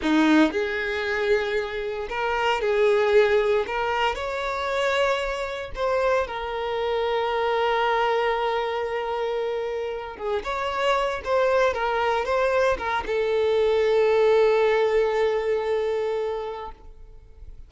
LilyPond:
\new Staff \with { instrumentName = "violin" } { \time 4/4 \tempo 4 = 115 dis'4 gis'2. | ais'4 gis'2 ais'4 | cis''2. c''4 | ais'1~ |
ais'2.~ ais'8 gis'8 | cis''4. c''4 ais'4 c''8~ | c''8 ais'8 a'2.~ | a'1 | }